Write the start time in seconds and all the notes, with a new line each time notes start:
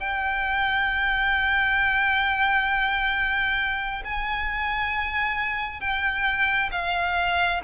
0.00 G5
4.05 G#5
5.81 G5
6.72 F5